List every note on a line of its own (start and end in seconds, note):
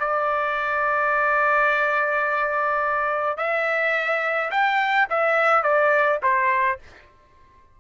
0.00 3.38 D5
3.38 4.51 E5
4.51 5.08 G5
5.10 5.63 E5
5.63 6.20 D5
6.22 6.79 C5